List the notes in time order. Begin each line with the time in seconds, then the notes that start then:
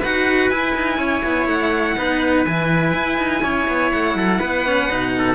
0.00 D#4 F#4 B4 F#5
0.49 E4 G#5
0.75 D#4
0.98 C#4 C#5
1.24 B3
1.47 A3 F#5
1.97 B3 D#4 B4
2.45 E3 E4 G#5
2.94 E4
3.18 D#4
3.43 C#4 C#5
3.68 B3
3.91 A3 F#5
4.15 F#3 A4
4.39 B3 B4
4.66 C#4
4.90 B2 D#4
5.18 A4